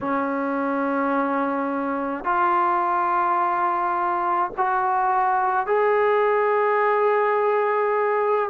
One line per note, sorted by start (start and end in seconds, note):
0.00 2.24 C#4
2.24 4.50 F4
4.57 5.66 F#4
5.66 8.49 G#4